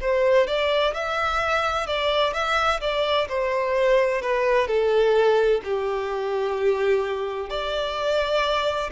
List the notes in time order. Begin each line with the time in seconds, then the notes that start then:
0.00 C5
0.47 D5
0.93 E5
1.86 D5
2.33 E5
2.80 D5
3.28 C5
4.21 B4
4.67 A4
5.64 G4
7.50 D5